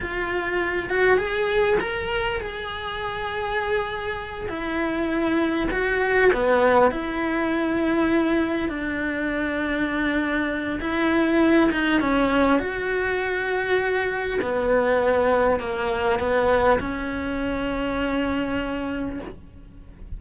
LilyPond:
\new Staff \with { instrumentName = "cello" } { \time 4/4 \tempo 4 = 100 f'4. fis'8 gis'4 ais'4 | gis'2.~ gis'8 e'8~ | e'4. fis'4 b4 e'8~ | e'2~ e'8 d'4.~ |
d'2 e'4. dis'8 | cis'4 fis'2. | b2 ais4 b4 | cis'1 | }